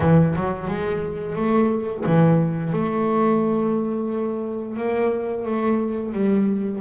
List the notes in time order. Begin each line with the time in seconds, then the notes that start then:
0.00 E3
0.35 F#3
0.67 G#3
1.35 A3
2.05 E3
2.72 A3
4.77 A#3
5.45 A3
6.12 G3